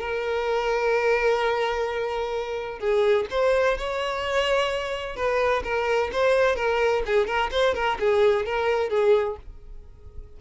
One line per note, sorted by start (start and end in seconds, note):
0.00 2.79 A#4
2.79 3.26 G#4
3.31 3.78 C5
3.78 5.16 C#5
5.16 5.63 B4
5.64 6.11 A#4
6.12 6.56 C5
6.56 7.03 A#4
7.06 7.27 G#4
7.27 7.50 A#4
7.51 7.75 C5
7.75 7.98 A#4
8.00 8.46 G#4
8.46 8.90 A#4
8.90 9.37 G#4